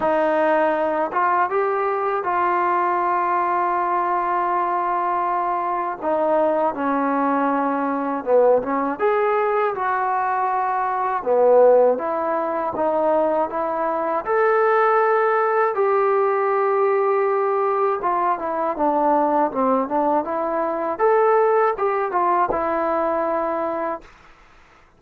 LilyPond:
\new Staff \with { instrumentName = "trombone" } { \time 4/4 \tempo 4 = 80 dis'4. f'8 g'4 f'4~ | f'1 | dis'4 cis'2 b8 cis'8 | gis'4 fis'2 b4 |
e'4 dis'4 e'4 a'4~ | a'4 g'2. | f'8 e'8 d'4 c'8 d'8 e'4 | a'4 g'8 f'8 e'2 | }